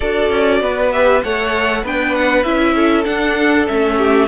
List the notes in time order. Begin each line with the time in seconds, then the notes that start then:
0.00 D4 F#4 A4 D5
0.30 C#4
0.60 B3 B4
0.92 G4 E5
1.23 A3 A4 C#5 F#5
1.82 B3 D4 B4 G5
2.15 F#5
2.43 C#4 E4 E5
2.75 A4
3.04 D4 F#5
3.67 A3 C#4 E5
3.97 G4